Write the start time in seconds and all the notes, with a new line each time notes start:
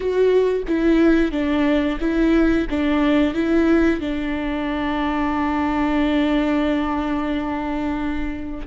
0.00 F#4
0.67 E4
1.32 D4
2.00 E4
2.70 D4
3.34 E4
4.00 D4